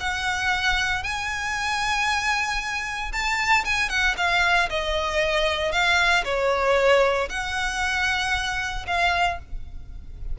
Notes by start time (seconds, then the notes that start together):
0.00 F#5
1.03 G#5
3.12 A5
3.65 G#5
3.89 F#5
4.17 F5
4.70 D#5
5.72 F5
6.24 C#5
7.29 F#5
8.87 F5